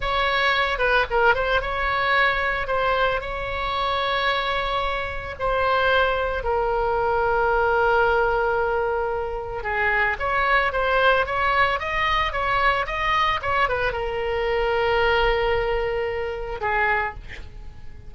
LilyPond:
\new Staff \with { instrumentName = "oboe" } { \time 4/4 \tempo 4 = 112 cis''4. b'8 ais'8 c''8 cis''4~ | cis''4 c''4 cis''2~ | cis''2 c''2 | ais'1~ |
ais'2 gis'4 cis''4 | c''4 cis''4 dis''4 cis''4 | dis''4 cis''8 b'8 ais'2~ | ais'2. gis'4 | }